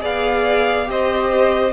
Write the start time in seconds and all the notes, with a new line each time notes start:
0.00 B3 G#4 D5 F5
0.85 C4 G4 C5 D#5